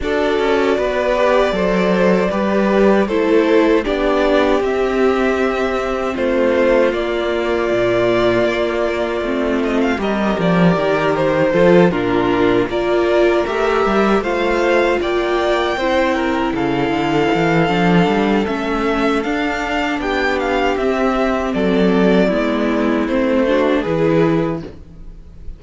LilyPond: <<
  \new Staff \with { instrumentName = "violin" } { \time 4/4 \tempo 4 = 78 d''1 | c''4 d''4 e''2 | c''4 d''2.~ | d''8 dis''16 f''16 dis''8 d''4 c''4 ais'8~ |
ais'8 d''4 e''4 f''4 g''8~ | g''4. f''2~ f''8 | e''4 f''4 g''8 f''8 e''4 | d''2 c''4 b'4 | }
  \new Staff \with { instrumentName = "violin" } { \time 4/4 a'4 b'4 c''4 b'4 | a'4 g'2. | f'1~ | f'4 ais'2 a'8 f'8~ |
f'8 ais'2 c''4 d''8~ | d''8 c''8 ais'8 a'2~ a'8~ | a'2 g'2 | a'4 e'4. fis'8 gis'4 | }
  \new Staff \with { instrumentName = "viola" } { \time 4/4 fis'4. g'8 a'4 g'4 | e'4 d'4 c'2~ | c'4 ais2. | c'4 g'2 f'8 d'8~ |
d'8 f'4 g'4 f'4.~ | f'8 e'2~ e'8 d'4 | cis'4 d'2 c'4~ | c'4 b4 c'8 d'8 e'4 | }
  \new Staff \with { instrumentName = "cello" } { \time 4/4 d'8 cis'8 b4 fis4 g4 | a4 b4 c'2 | a4 ais4 ais,4 ais4 | a4 g8 f8 dis4 f8 ais,8~ |
ais,8 ais4 a8 g8 a4 ais8~ | ais8 c'4 cis8 d8 e8 f8 g8 | a4 d'4 b4 c'4 | fis4 gis4 a4 e4 | }
>>